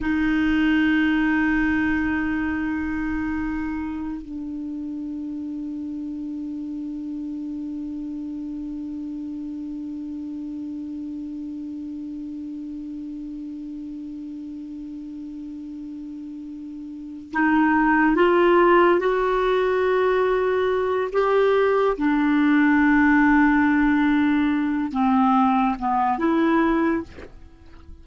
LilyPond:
\new Staff \with { instrumentName = "clarinet" } { \time 4/4 \tempo 4 = 71 dis'1~ | dis'4 d'2.~ | d'1~ | d'1~ |
d'1~ | d'8 dis'4 f'4 fis'4.~ | fis'4 g'4 d'2~ | d'4. c'4 b8 e'4 | }